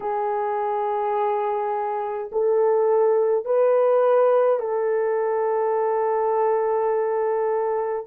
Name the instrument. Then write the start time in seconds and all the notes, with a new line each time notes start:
horn
0.00 G#4
2.32 A4
3.45 B4
4.59 A4